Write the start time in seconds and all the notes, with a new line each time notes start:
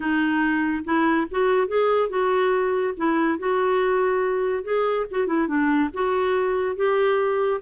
0.00 D#4
0.84 E4
1.30 F#4
1.67 G#4
2.09 F#4
2.97 E4
3.39 F#4
4.63 G#4
5.10 F#4
5.27 E4
5.47 D4
5.93 F#4
6.76 G4